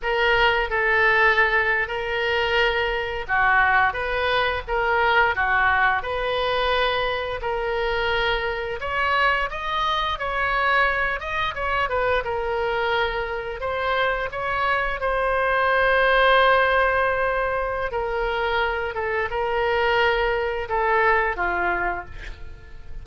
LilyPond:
\new Staff \with { instrumentName = "oboe" } { \time 4/4 \tempo 4 = 87 ais'4 a'4.~ a'16 ais'4~ ais'16~ | ais'8. fis'4 b'4 ais'4 fis'16~ | fis'8. b'2 ais'4~ ais'16~ | ais'8. cis''4 dis''4 cis''4~ cis''16~ |
cis''16 dis''8 cis''8 b'8 ais'2 c''16~ | c''8. cis''4 c''2~ c''16~ | c''2 ais'4. a'8 | ais'2 a'4 f'4 | }